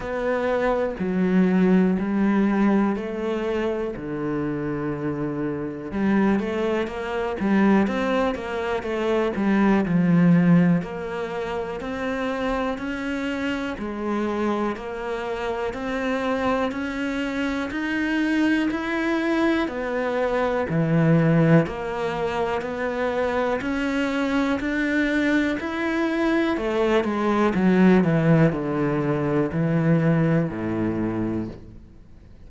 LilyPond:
\new Staff \with { instrumentName = "cello" } { \time 4/4 \tempo 4 = 61 b4 fis4 g4 a4 | d2 g8 a8 ais8 g8 | c'8 ais8 a8 g8 f4 ais4 | c'4 cis'4 gis4 ais4 |
c'4 cis'4 dis'4 e'4 | b4 e4 ais4 b4 | cis'4 d'4 e'4 a8 gis8 | fis8 e8 d4 e4 a,4 | }